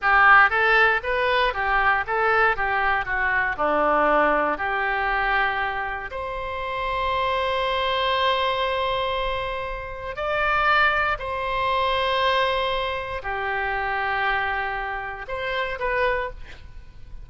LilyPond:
\new Staff \with { instrumentName = "oboe" } { \time 4/4 \tempo 4 = 118 g'4 a'4 b'4 g'4 | a'4 g'4 fis'4 d'4~ | d'4 g'2. | c''1~ |
c''1 | d''2 c''2~ | c''2 g'2~ | g'2 c''4 b'4 | }